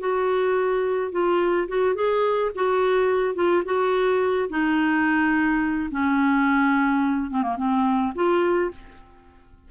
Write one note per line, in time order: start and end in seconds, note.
0.00 1.12 F#4
1.12 1.68 F4
1.68 1.95 F#4
1.95 2.52 G#4
2.55 3.35 F#4
3.35 3.63 F4
3.66 4.50 F#4
4.50 5.90 D#4
5.91 7.31 C#4
7.31 7.43 C4
7.43 7.57 A#3
7.58 8.14 C4
8.16 8.72 F4